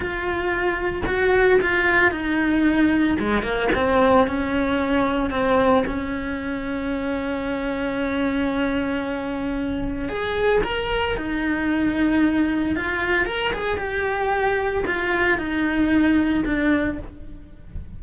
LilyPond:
\new Staff \with { instrumentName = "cello" } { \time 4/4 \tempo 4 = 113 f'2 fis'4 f'4 | dis'2 gis8 ais8 c'4 | cis'2 c'4 cis'4~ | cis'1~ |
cis'2. gis'4 | ais'4 dis'2. | f'4 ais'8 gis'8 g'2 | f'4 dis'2 d'4 | }